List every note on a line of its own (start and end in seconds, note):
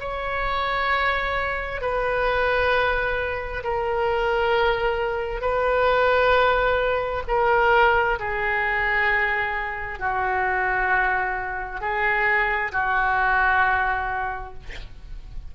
0.00 1.81 C#5
1.81 3.63 B4
3.64 5.42 A#4
5.42 7.24 B4
7.28 8.19 A#4
8.19 9.99 G#4
9.99 11.81 F#4
11.81 12.72 G#4
12.72 14.54 F#4